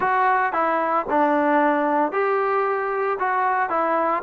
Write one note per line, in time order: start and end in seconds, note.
0.00 0.52 F#4
0.53 1.06 E4
1.09 2.11 D4
2.11 3.18 G4
3.19 3.69 F#4
3.69 4.22 E4